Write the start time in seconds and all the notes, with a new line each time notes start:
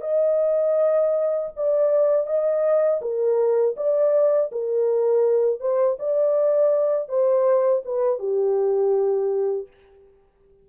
0.00 D#5
1.56 D5
2.26 D#5
3.01 A#4
3.76 D5
4.52 A#4
5.60 C5
5.99 D5
7.08 C5
7.85 B4
8.19 G4